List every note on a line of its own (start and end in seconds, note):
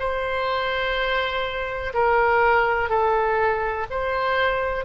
0.00 1.94 C5
1.94 2.90 A#4
2.90 3.87 A4
3.91 4.86 C5